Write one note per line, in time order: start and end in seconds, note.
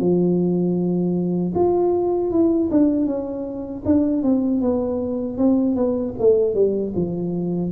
0.00 1.54 F3
1.55 2.31 F4
2.31 2.70 E4
2.71 3.06 D4
3.06 3.83 C#4
3.86 4.23 D4
4.23 4.62 C4
4.62 5.38 B3
5.38 5.76 C4
5.76 6.15 B3
6.19 6.55 A3
6.55 6.93 G3
6.96 7.72 F3